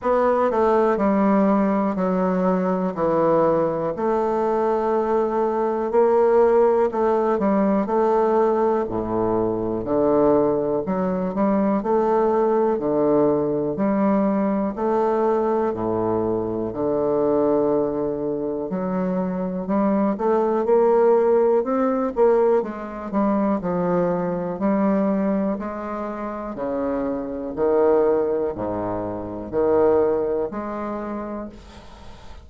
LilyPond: \new Staff \with { instrumentName = "bassoon" } { \time 4/4 \tempo 4 = 61 b8 a8 g4 fis4 e4 | a2 ais4 a8 g8 | a4 a,4 d4 fis8 g8 | a4 d4 g4 a4 |
a,4 d2 fis4 | g8 a8 ais4 c'8 ais8 gis8 g8 | f4 g4 gis4 cis4 | dis4 gis,4 dis4 gis4 | }